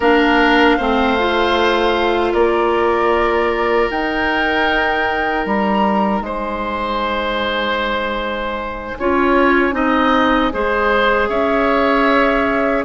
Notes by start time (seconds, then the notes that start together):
0.00 A#3 D4 A#4 F5
0.77 A3 C4 C5
1.18 F4
2.33 A#3 A#4 D5
3.90 D#4 G5
5.45 G3 A#5
6.20 G#3 C5 G#5
8.99 C#4 F4 C#5
9.72 C4 D#4 D#5
10.53 G#3 G#4 C5
11.28 C#4 C#5 E5